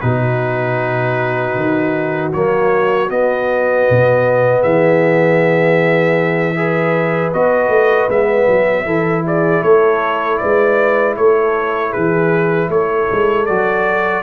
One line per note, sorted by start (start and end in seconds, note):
0.00 1.55 B2
0.00 2.32 D#4
0.00 4.61 F#4
0.00 2.31 B4
1.55 2.32 D#3
2.32 3.10 F#3
2.32 3.08 A#3
2.32 3.09 C#5
3.08 6.54 B3
3.08 3.87 B3
3.08 4.62 D#5
3.89 4.64 B2
4.61 7.33 E3
4.61 6.53 G#4
4.61 7.32 E5
6.55 7.32 G#4
6.55 8.85 B4
7.33 7.68 B3
7.33 8.10 F#4
7.33 8.09 D#5
7.68 8.07 A3
8.08 8.46 G#3
8.08 8.85 B3
8.08 9.25 E5
8.47 8.85 F#3
8.85 9.62 E3
8.85 13.47 E4
8.85 9.24 A4
9.25 9.62 G#4
9.25 9.62 D5
9.62 10.40 A3
9.62 10.39 A4
9.62 10.37 C#5
10.37 11.17 G#3
10.37 11.17 B4
10.37 11.14 D5
11.16 11.94 A3
11.16 11.90 A4
11.16 11.92 C#5
11.90 12.69 E3
11.90 12.67 G#4
11.90 12.69 B4
12.69 13.07 A3
12.69 14.22 A4
12.69 13.45 C#5
13.12 13.49 G#3
13.45 14.22 F#3
13.45 14.22 F#4
13.45 14.22 D5